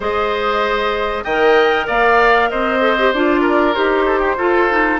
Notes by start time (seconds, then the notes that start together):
0.00 G#3 G#4 C5 D#5
1.24 D#3 D#5 G5
1.30 A#4
1.86 A#3 D5 F5
2.50 C4 C5 D#5
2.80 A4
2.98 G4
3.13 D4 F4 D5
3.41 A#4
3.74 D#4 G4 C5
4.06 A4
4.19 G4
4.37 F4 A4
4.69 D#4